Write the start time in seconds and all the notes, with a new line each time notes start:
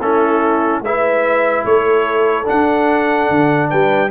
0.00 A3 C#4 E4 A4
0.81 G#3 E4 B4 E5
1.65 A3 A4 C#5
2.45 D4 F#5
3.30 D3
3.70 G3 B4 G5